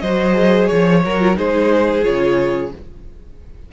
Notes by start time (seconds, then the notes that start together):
0.00 F#3 F#4 C5 D#5
0.33 G#4
0.67 F3 C#5
1.05 F#3 F#4 A#4
1.20 F4
1.35 G#3 D#4 G#4 C5
2.03 C#3 F4 C#5